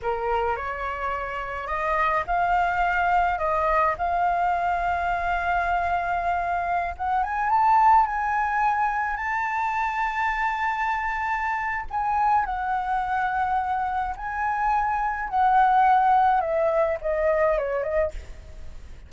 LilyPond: \new Staff \with { instrumentName = "flute" } { \time 4/4 \tempo 4 = 106 ais'4 cis''2 dis''4 | f''2 dis''4 f''4~ | f''1~ | f''16 fis''8 gis''8 a''4 gis''4.~ gis''16~ |
gis''16 a''2.~ a''8.~ | a''4 gis''4 fis''2~ | fis''4 gis''2 fis''4~ | fis''4 e''4 dis''4 cis''8 dis''8 | }